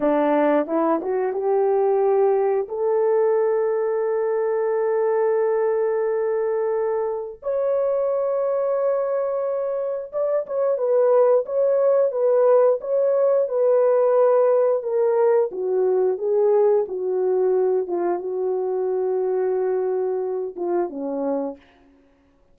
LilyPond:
\new Staff \with { instrumentName = "horn" } { \time 4/4 \tempo 4 = 89 d'4 e'8 fis'8 g'2 | a'1~ | a'2. cis''4~ | cis''2. d''8 cis''8 |
b'4 cis''4 b'4 cis''4 | b'2 ais'4 fis'4 | gis'4 fis'4. f'8 fis'4~ | fis'2~ fis'8 f'8 cis'4 | }